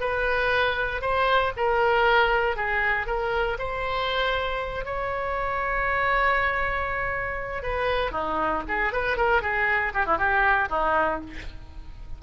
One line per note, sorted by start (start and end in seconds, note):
0.00 1.01 B4
1.01 1.52 C5
1.56 2.56 A#4
2.56 3.06 G#4
3.06 3.57 A#4
3.58 4.85 C5
4.85 7.62 C#5
7.62 8.11 B4
8.11 8.62 D#4
8.68 8.93 G#4
8.93 9.17 B4
9.17 9.42 A#4
9.42 9.92 G#4
9.94 10.06 G4
10.06 10.17 E4
10.17 10.68 G4
10.69 11.20 D#4